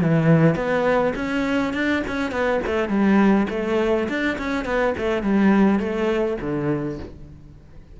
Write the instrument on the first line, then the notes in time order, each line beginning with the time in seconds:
cello
0.00 E3
0.55 B3
1.15 C#4
1.73 D4
2.07 C#4
2.31 B3
2.66 A3
2.88 G3
3.50 A3
4.08 D4
4.38 C#4
4.65 B3
4.97 A3
5.22 G3
5.79 A3
6.41 D3